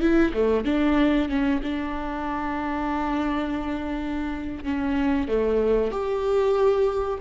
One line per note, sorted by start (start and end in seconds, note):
0.00 0.32 E4
0.33 0.65 A3
0.65 1.29 D4
1.29 1.60 C#4
1.63 4.64 D4
4.64 5.27 C#4
5.27 5.91 A3
5.91 7.18 G4